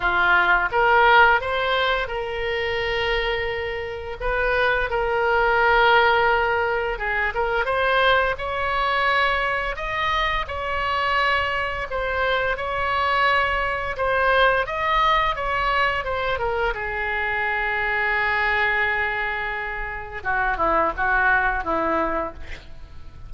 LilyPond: \new Staff \with { instrumentName = "oboe" } { \time 4/4 \tempo 4 = 86 f'4 ais'4 c''4 ais'4~ | ais'2 b'4 ais'4~ | ais'2 gis'8 ais'8 c''4 | cis''2 dis''4 cis''4~ |
cis''4 c''4 cis''2 | c''4 dis''4 cis''4 c''8 ais'8 | gis'1~ | gis'4 fis'8 e'8 fis'4 e'4 | }